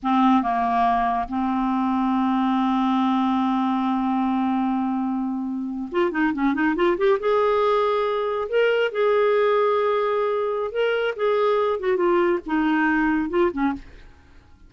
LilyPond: \new Staff \with { instrumentName = "clarinet" } { \time 4/4 \tempo 4 = 140 c'4 ais2 c'4~ | c'1~ | c'1~ | c'4.~ c'16 f'8 dis'8 cis'8 dis'8 f'16~ |
f'16 g'8 gis'2. ais'16~ | ais'8. gis'2.~ gis'16~ | gis'4 ais'4 gis'4. fis'8 | f'4 dis'2 f'8 cis'8 | }